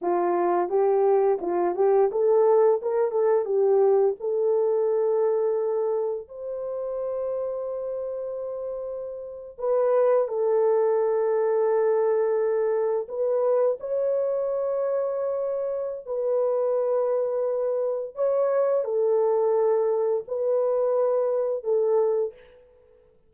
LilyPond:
\new Staff \with { instrumentName = "horn" } { \time 4/4 \tempo 4 = 86 f'4 g'4 f'8 g'8 a'4 | ais'8 a'8 g'4 a'2~ | a'4 c''2.~ | c''4.~ c''16 b'4 a'4~ a'16~ |
a'2~ a'8. b'4 cis''16~ | cis''2. b'4~ | b'2 cis''4 a'4~ | a'4 b'2 a'4 | }